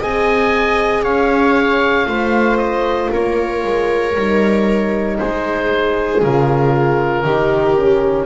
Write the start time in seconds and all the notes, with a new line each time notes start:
0.00 C4 G#4 D#5 G#5
1.03 C#4 C#5 F5
2.07 A3 F4 C5
2.58 D#5
3.11 A#3 A#4 C#5
3.64 G#3
4.16 G3 D#4
5.18 G#3 G#4 C5
6.22 C#3 F4 A#4
7.25 D#3 D#4 G4
7.76 C#4